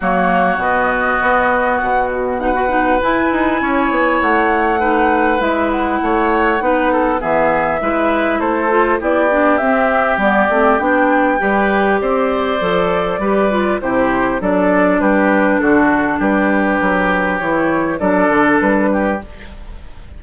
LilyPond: <<
  \new Staff \with { instrumentName = "flute" } { \time 4/4 \tempo 4 = 100 cis''4 dis''2 fis''8 fis'8 | fis''4 gis''2 fis''4~ | fis''4 e''8 fis''2~ fis''8 | e''2 c''4 d''4 |
e''4 d''4 g''2 | d''2. c''4 | d''4 b'4 a'4 b'4~ | b'4 cis''4 d''4 b'4 | }
  \new Staff \with { instrumentName = "oboe" } { \time 4/4 fis'1 | b'2 cis''2 | b'2 cis''4 b'8 a'8 | gis'4 b'4 a'4 g'4~ |
g'2. b'4 | c''2 b'4 g'4 | a'4 g'4 fis'4 g'4~ | g'2 a'4. g'8 | }
  \new Staff \with { instrumentName = "clarinet" } { \time 4/4 ais4 b2. | dis'16 fis'16 dis'8 e'2. | dis'4 e'2 dis'4 | b4 e'4. f'8 e'8 d'8 |
c'4 b8 c'8 d'4 g'4~ | g'4 a'4 g'8 f'8 e'4 | d'1~ | d'4 e'4 d'2 | }
  \new Staff \with { instrumentName = "bassoon" } { \time 4/4 fis4 b,4 b4 b,4~ | b,4 e'8 dis'8 cis'8 b8 a4~ | a4 gis4 a4 b4 | e4 gis4 a4 b4 |
c'4 g8 a8 b4 g4 | c'4 f4 g4 c4 | fis4 g4 d4 g4 | fis4 e4 fis8 d8 g4 | }
>>